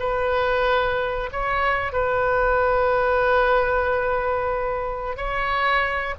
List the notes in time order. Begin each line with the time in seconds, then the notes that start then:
0.00 B4
1.33 C#5
1.93 B4
5.17 C#5